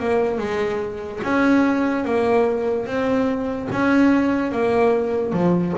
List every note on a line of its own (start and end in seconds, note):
0.00 0.38 A#3
0.38 1.21 G#3
1.24 2.05 C#4
2.05 2.86 A#3
2.86 3.68 C4
3.72 4.52 C#4
4.52 5.33 A#3
5.33 5.74 F3